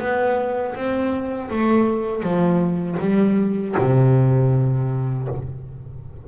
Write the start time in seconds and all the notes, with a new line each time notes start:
0.00 B3
0.75 C4
1.51 A3
2.23 F3
3.01 G3
3.78 C3